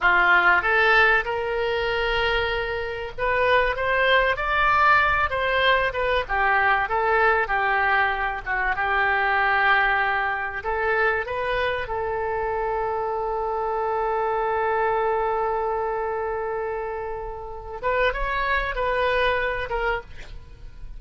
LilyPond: \new Staff \with { instrumentName = "oboe" } { \time 4/4 \tempo 4 = 96 f'4 a'4 ais'2~ | ais'4 b'4 c''4 d''4~ | d''8 c''4 b'8 g'4 a'4 | g'4. fis'8 g'2~ |
g'4 a'4 b'4 a'4~ | a'1~ | a'1~ | a'8 b'8 cis''4 b'4. ais'8 | }